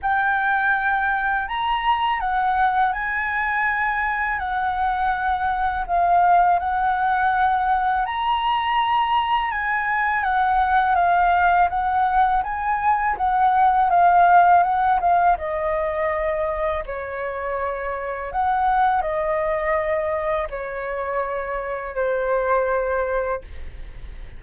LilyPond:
\new Staff \with { instrumentName = "flute" } { \time 4/4 \tempo 4 = 82 g''2 ais''4 fis''4 | gis''2 fis''2 | f''4 fis''2 ais''4~ | ais''4 gis''4 fis''4 f''4 |
fis''4 gis''4 fis''4 f''4 | fis''8 f''8 dis''2 cis''4~ | cis''4 fis''4 dis''2 | cis''2 c''2 | }